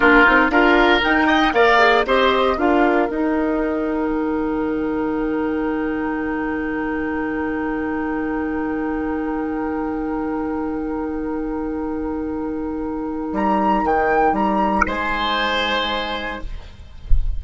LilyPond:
<<
  \new Staff \with { instrumentName = "flute" } { \time 4/4 \tempo 4 = 117 ais'4 f''4 g''4 f''4 | dis''4 f''4 g''2~ | g''1~ | g''1~ |
g''1~ | g''1~ | g''2 ais''4 g''4 | ais''4 gis''2. | }
  \new Staff \with { instrumentName = "oboe" } { \time 4/4 f'4 ais'4. dis''8 d''4 | c''4 ais'2.~ | ais'1~ | ais'1~ |
ais'1~ | ais'1~ | ais'1~ | ais'4 c''2. | }
  \new Staff \with { instrumentName = "clarinet" } { \time 4/4 d'8 dis'8 f'4 dis'4 ais'8 gis'8 | g'4 f'4 dis'2~ | dis'1~ | dis'1~ |
dis'1~ | dis'1~ | dis'1~ | dis'1 | }
  \new Staff \with { instrumentName = "bassoon" } { \time 4/4 ais8 c'8 d'4 dis'4 ais4 | c'4 d'4 dis'2 | dis1~ | dis1~ |
dis1~ | dis1~ | dis2 g4 dis4 | g4 gis2. | }
>>